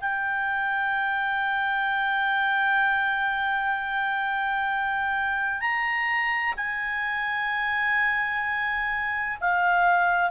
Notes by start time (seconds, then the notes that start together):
0.00 G5
5.60 A#5
6.56 G#5
9.40 F5